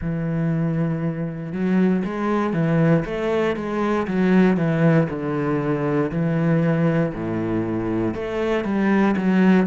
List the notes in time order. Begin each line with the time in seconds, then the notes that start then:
0.01 E3
1.52 F#3
2.04 G#3
2.53 E3
3.05 A3
3.56 G#3
4.07 F#3
4.56 E3
5.09 D3
6.11 E3
7.14 A2
8.14 A3
8.64 G3
9.17 F#3